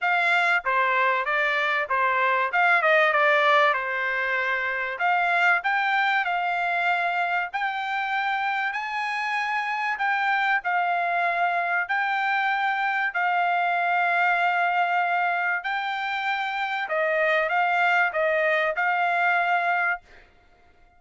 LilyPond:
\new Staff \with { instrumentName = "trumpet" } { \time 4/4 \tempo 4 = 96 f''4 c''4 d''4 c''4 | f''8 dis''8 d''4 c''2 | f''4 g''4 f''2 | g''2 gis''2 |
g''4 f''2 g''4~ | g''4 f''2.~ | f''4 g''2 dis''4 | f''4 dis''4 f''2 | }